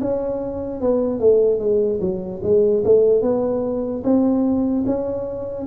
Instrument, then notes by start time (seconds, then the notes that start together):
tuba
0.00 C#4
0.80 B3
1.20 A3
1.59 G#3
2.00 F#3
2.43 G#3
2.85 A3
3.22 B3
4.04 C4
4.86 C#4